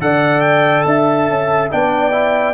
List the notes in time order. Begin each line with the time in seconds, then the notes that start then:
0.00 D3 A4 D5 F#5
0.40 G5
0.82 D4 E5 A5
1.28 C#4
1.71 B3 D4 D5 G5
2.11 E4